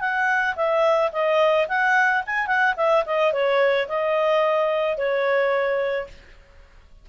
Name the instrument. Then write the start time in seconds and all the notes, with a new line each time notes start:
clarinet
0.00 F#5
0.56 E5
1.12 D#5
1.68 F#5
2.26 G#5
2.47 F#5
2.76 E5
3.06 D#5
3.33 C#5
3.88 D#5
4.97 C#5